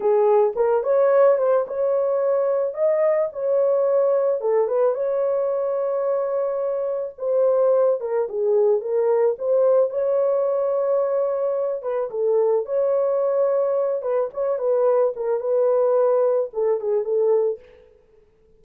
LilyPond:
\new Staff \with { instrumentName = "horn" } { \time 4/4 \tempo 4 = 109 gis'4 ais'8 cis''4 c''8 cis''4~ | cis''4 dis''4 cis''2 | a'8 b'8 cis''2.~ | cis''4 c''4. ais'8 gis'4 |
ais'4 c''4 cis''2~ | cis''4. b'8 a'4 cis''4~ | cis''4. b'8 cis''8 b'4 ais'8 | b'2 a'8 gis'8 a'4 | }